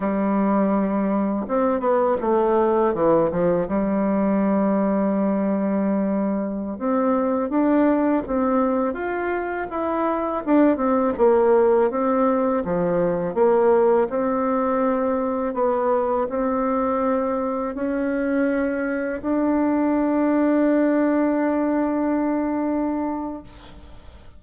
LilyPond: \new Staff \with { instrumentName = "bassoon" } { \time 4/4 \tempo 4 = 82 g2 c'8 b8 a4 | e8 f8 g2.~ | g4~ g16 c'4 d'4 c'8.~ | c'16 f'4 e'4 d'8 c'8 ais8.~ |
ais16 c'4 f4 ais4 c'8.~ | c'4~ c'16 b4 c'4.~ c'16~ | c'16 cis'2 d'4.~ d'16~ | d'1 | }